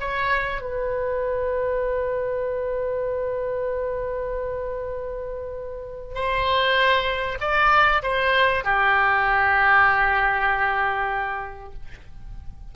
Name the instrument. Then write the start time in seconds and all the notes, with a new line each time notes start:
oboe
0.00 C#5
0.61 B4
6.15 C5
7.40 D5
8.03 C5
8.64 G4